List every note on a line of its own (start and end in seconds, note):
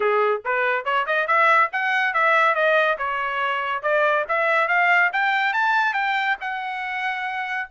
0.00 0.42 G#4
0.45 0.84 B4
0.84 1.06 C#5
1.06 1.27 D#5
1.27 1.69 E5
1.72 2.13 F#5
2.13 2.54 E5
2.54 2.97 D#5
2.98 3.82 C#5
3.82 4.24 D5
4.28 4.68 E5
4.68 5.10 F5
5.12 5.53 G5
5.53 5.93 A5
5.93 6.36 G5
6.40 7.68 F#5